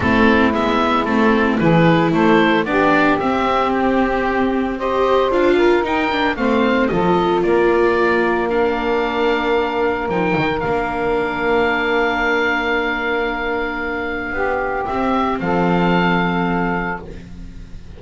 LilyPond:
<<
  \new Staff \with { instrumentName = "oboe" } { \time 4/4 \tempo 4 = 113 a'4 e''4 a'4 b'4 | c''4 d''4 e''4 g'4~ | g'4 dis''4 f''4 g''4 | f''4 dis''4 d''2 |
f''2. g''4 | f''1~ | f''1 | e''4 f''2. | }
  \new Staff \with { instrumentName = "saxophone" } { \time 4/4 e'2. gis'4 | a'4 g'2.~ | g'4 c''4. ais'4. | c''4 a'4 ais'2~ |
ais'1~ | ais'1~ | ais'2. g'4~ | g'4 a'2. | }
  \new Staff \with { instrumentName = "viola" } { \time 4/4 c'4 b4 c'4 e'4~ | e'4 d'4 c'2~ | c'4 g'4 f'4 dis'8 d'8 | c'4 f'2. |
d'2. dis'4 | d'1~ | d'1 | c'1 | }
  \new Staff \with { instrumentName = "double bass" } { \time 4/4 a4 gis4 a4 e4 | a4 b4 c'2~ | c'2 d'4 dis'4 | a4 f4 ais2~ |
ais2. f8 dis8 | ais1~ | ais2. b4 | c'4 f2. | }
>>